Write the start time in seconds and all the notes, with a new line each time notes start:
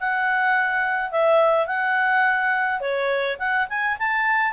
0.00 F#5
1.11 E5
1.67 F#5
2.80 C#5
3.39 F#5
3.69 G#5
3.99 A5